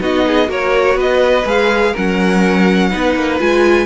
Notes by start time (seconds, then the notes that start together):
0.00 B3 D#4 F#4 D#5
0.27 G#4
0.46 A#3 F#4 A#4 C#5
0.95 B3 B4 D#5
1.45 G#3 G#4 F5
1.92 F#3 C#4 A#4 F#5
2.89 B3 D#4 B4
3.15 A#3
3.39 G#3 F4 G#5